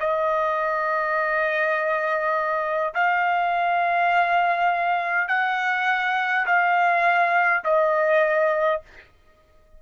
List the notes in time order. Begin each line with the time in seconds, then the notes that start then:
0.00 D#5
2.95 F5
5.28 F#5
6.47 F5
7.65 D#5